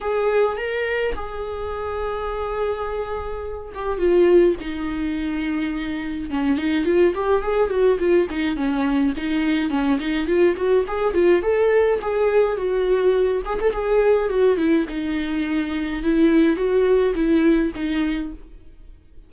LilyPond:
\new Staff \with { instrumentName = "viola" } { \time 4/4 \tempo 4 = 105 gis'4 ais'4 gis'2~ | gis'2~ gis'8 g'8 f'4 | dis'2. cis'8 dis'8 | f'8 g'8 gis'8 fis'8 f'8 dis'8 cis'4 |
dis'4 cis'8 dis'8 f'8 fis'8 gis'8 f'8 | a'4 gis'4 fis'4. gis'16 a'16 | gis'4 fis'8 e'8 dis'2 | e'4 fis'4 e'4 dis'4 | }